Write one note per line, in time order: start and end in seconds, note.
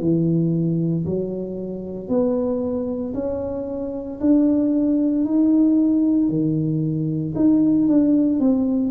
0.00 1.05 E3
1.06 2.09 F#3
2.09 3.14 B3
3.15 4.20 C#4
4.21 5.25 D4
5.25 6.29 D#4
6.29 7.34 D#3
7.36 7.89 D#4
7.89 8.40 D4
8.40 8.91 C4